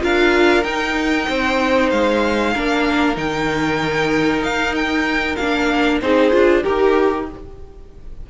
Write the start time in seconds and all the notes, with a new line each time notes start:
0.00 D4 F4 A#4 F5
0.63 D#4 G5
1.28 C4 C5
1.90 G#3 F5
2.54 A#3 D4 A#4
3.15 D#3 D#4 G5
4.42 D#4 F5
4.75 G5
5.36 A#3 D4 F5
6.01 C4 D#4 G#4 C5
6.31 D4 F4
6.63 D#4 G4 A#4